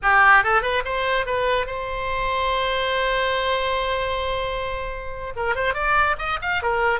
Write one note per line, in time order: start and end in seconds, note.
0.02 0.43 G4
0.43 0.62 A4
0.62 0.83 B4
0.84 1.26 C5
1.26 1.66 B4
1.66 5.33 C5
5.36 5.55 A#4
5.55 5.74 C5
5.74 6.16 D5
6.18 6.39 D#5
6.41 6.62 F5
6.62 7.00 A#4